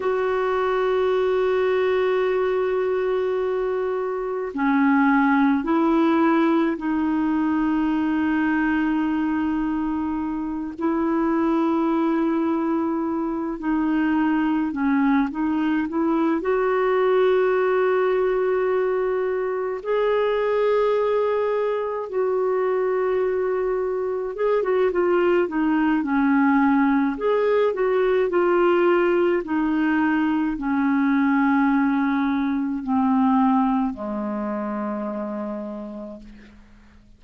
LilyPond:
\new Staff \with { instrumentName = "clarinet" } { \time 4/4 \tempo 4 = 53 fis'1 | cis'4 e'4 dis'2~ | dis'4. e'2~ e'8 | dis'4 cis'8 dis'8 e'8 fis'4.~ |
fis'4. gis'2 fis'8~ | fis'4. gis'16 fis'16 f'8 dis'8 cis'4 | gis'8 fis'8 f'4 dis'4 cis'4~ | cis'4 c'4 gis2 | }